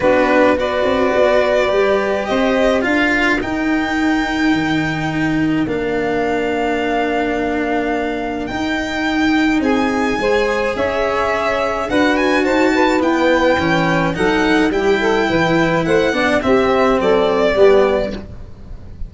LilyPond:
<<
  \new Staff \with { instrumentName = "violin" } { \time 4/4 \tempo 4 = 106 b'4 d''2. | dis''4 f''4 g''2~ | g''2 f''2~ | f''2. g''4~ |
g''4 gis''2 e''4~ | e''4 fis''8 gis''8 a''4 g''4~ | g''4 fis''4 g''2 | fis''4 e''4 d''2 | }
  \new Staff \with { instrumentName = "saxophone" } { \time 4/4 fis'4 b'2. | c''4 ais'2.~ | ais'1~ | ais'1~ |
ais'4 gis'4 c''4 cis''4~ | cis''4 b'4 c''8 b'4.~ | b'4 a'4 g'8 a'8 b'4 | c''8 d''8 g'4 a'4 g'4 | }
  \new Staff \with { instrumentName = "cello" } { \time 4/4 d'4 fis'2 g'4~ | g'4 f'4 dis'2~ | dis'2 d'2~ | d'2. dis'4~ |
dis'2 gis'2~ | gis'4 fis'2 b4 | cis'4 dis'4 e'2~ | e'8 d'8 c'2 b4 | }
  \new Staff \with { instrumentName = "tuba" } { \time 4/4 b4. c'8 b4 g4 | c'4 d'4 dis'2 | dis2 ais2~ | ais2. dis'4~ |
dis'4 c'4 gis4 cis'4~ | cis'4 d'4 dis'4 e'4 | e4 fis4 g4 e4 | a8 b8 c'4 fis4 g4 | }
>>